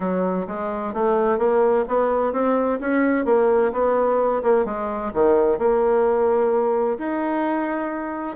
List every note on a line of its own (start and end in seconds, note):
0.00 0.46 F#3
0.47 0.93 G#3
0.93 1.38 A3
1.38 1.84 A#3
1.88 2.33 B3
2.33 2.79 C4
2.80 3.25 C#4
3.25 3.71 A#3
3.72 4.42 B3
4.42 4.65 A#3
4.65 5.11 G#3
5.13 5.58 D#3
5.58 6.98 A#3
6.98 8.36 D#4